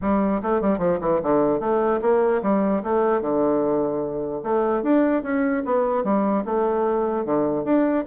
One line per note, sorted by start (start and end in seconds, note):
0.01 0.41 G3
0.42 0.61 A3
0.61 0.78 G3
0.78 0.98 F3
1.00 1.21 E3
1.22 1.60 D3
1.60 2.00 A3
2.01 2.41 A#3
2.42 2.82 G3
2.83 3.21 A3
3.21 4.41 D3
4.43 4.82 A3
4.82 5.23 D4
5.23 5.63 C#4
5.65 6.03 B3
6.03 6.44 G3
6.45 7.25 A3
7.25 7.64 D3
7.64 8.04 D4